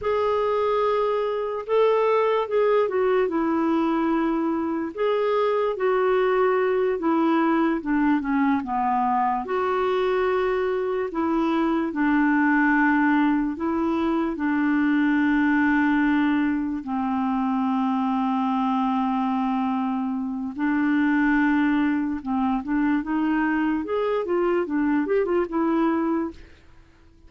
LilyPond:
\new Staff \with { instrumentName = "clarinet" } { \time 4/4 \tempo 4 = 73 gis'2 a'4 gis'8 fis'8 | e'2 gis'4 fis'4~ | fis'8 e'4 d'8 cis'8 b4 fis'8~ | fis'4. e'4 d'4.~ |
d'8 e'4 d'2~ d'8~ | d'8 c'2.~ c'8~ | c'4 d'2 c'8 d'8 | dis'4 gis'8 f'8 d'8 g'16 f'16 e'4 | }